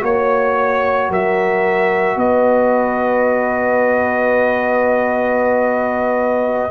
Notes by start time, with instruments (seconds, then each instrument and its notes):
0.00 tuba A#3, trombone F#4, horn C#5, trumpet C#5
1.09 tuba F#3, horn A#4, trumpet E5
2.16 tuba B3, horn B4, trumpet D#5